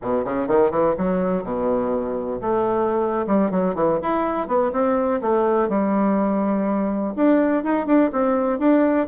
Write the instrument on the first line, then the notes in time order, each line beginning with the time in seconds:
bassoon
0.02 B2
0.25 C#3
0.47 D#3
0.70 E3
0.97 F#3
1.43 B2
2.41 A3
3.26 G3
3.50 F#3
3.75 E3
4.01 E4
4.47 B3
4.72 C4
5.21 A3
5.69 G3
7.15 D4
7.63 D#4
7.86 D4
8.12 C4
8.59 D4